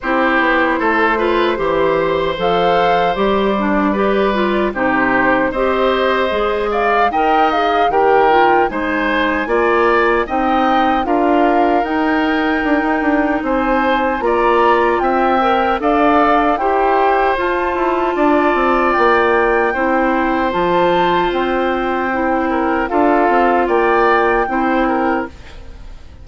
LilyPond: <<
  \new Staff \with { instrumentName = "flute" } { \time 4/4 \tempo 4 = 76 c''2. f''4 | d''2 c''4 dis''4~ | dis''8 f''8 g''8 f''8 g''4 gis''4~ | gis''4 g''4 f''4 g''4~ |
g''4 gis''4 ais''4 g''4 | f''4 g''4 a''2 | g''2 a''4 g''4~ | g''4 f''4 g''2 | }
  \new Staff \with { instrumentName = "oboe" } { \time 4/4 g'4 a'8 b'8 c''2~ | c''4 b'4 g'4 c''4~ | c''8 d''8 dis''4 ais'4 c''4 | d''4 dis''4 ais'2~ |
ais'4 c''4 d''4 e''4 | d''4 c''2 d''4~ | d''4 c''2.~ | c''8 ais'8 a'4 d''4 c''8 ais'8 | }
  \new Staff \with { instrumentName = "clarinet" } { \time 4/4 e'4. f'8 g'4 a'4 | g'8 d'8 g'8 f'8 dis'4 g'4 | gis'4 ais'8 gis'8 g'8 f'8 dis'4 | f'4 dis'4 f'4 dis'4~ |
dis'2 f'4. ais'8 | a'4 g'4 f'2~ | f'4 e'4 f'2 | e'4 f'2 e'4 | }
  \new Staff \with { instrumentName = "bassoon" } { \time 4/4 c'8 b8 a4 e4 f4 | g2 c4 c'4 | gis4 dis'4 dis4 gis4 | ais4 c'4 d'4 dis'4 |
d'16 dis'16 d'8 c'4 ais4 c'4 | d'4 e'4 f'8 e'8 d'8 c'8 | ais4 c'4 f4 c'4~ | c'4 d'8 c'8 ais4 c'4 | }
>>